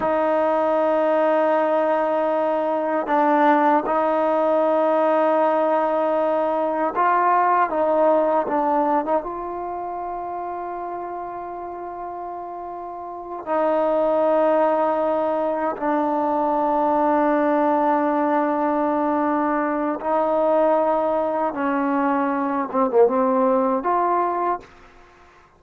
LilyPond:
\new Staff \with { instrumentName = "trombone" } { \time 4/4 \tempo 4 = 78 dis'1 | d'4 dis'2.~ | dis'4 f'4 dis'4 d'8. dis'16 | f'1~ |
f'4. dis'2~ dis'8~ | dis'8 d'2.~ d'8~ | d'2 dis'2 | cis'4. c'16 ais16 c'4 f'4 | }